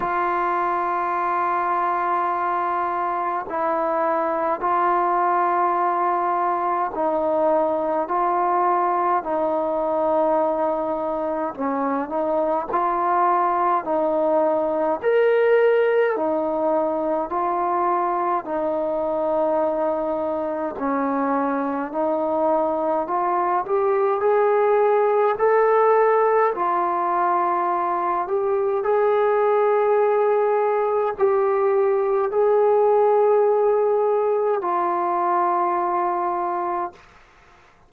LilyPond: \new Staff \with { instrumentName = "trombone" } { \time 4/4 \tempo 4 = 52 f'2. e'4 | f'2 dis'4 f'4 | dis'2 cis'8 dis'8 f'4 | dis'4 ais'4 dis'4 f'4 |
dis'2 cis'4 dis'4 | f'8 g'8 gis'4 a'4 f'4~ | f'8 g'8 gis'2 g'4 | gis'2 f'2 | }